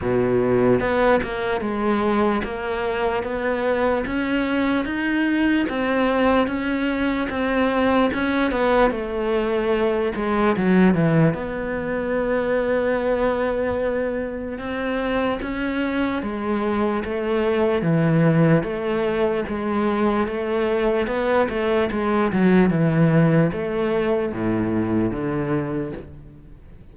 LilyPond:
\new Staff \with { instrumentName = "cello" } { \time 4/4 \tempo 4 = 74 b,4 b8 ais8 gis4 ais4 | b4 cis'4 dis'4 c'4 | cis'4 c'4 cis'8 b8 a4~ | a8 gis8 fis8 e8 b2~ |
b2 c'4 cis'4 | gis4 a4 e4 a4 | gis4 a4 b8 a8 gis8 fis8 | e4 a4 a,4 d4 | }